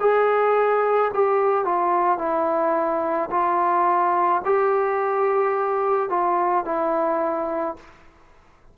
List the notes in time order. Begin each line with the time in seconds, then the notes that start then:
0.00 G#4
1.14 G4
1.64 F4
2.18 E4
3.30 F4
4.45 G4
6.10 F4
6.65 E4